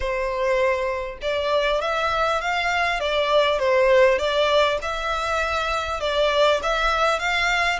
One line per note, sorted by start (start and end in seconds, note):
0.00 1.18 C5
1.21 1.81 D5
1.81 2.41 E5
2.41 3.00 F5
3.00 3.59 D5
3.59 4.18 C5
4.18 4.78 D5
4.82 6.00 E5
6.00 6.60 D5
6.62 7.19 E5
7.19 7.79 F5